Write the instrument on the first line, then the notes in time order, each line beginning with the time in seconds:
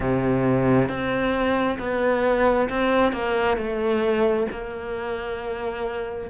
cello
0.00 C3
0.88 C4
1.79 B3
2.69 C4
3.12 A#3
3.57 A3
4.51 A#3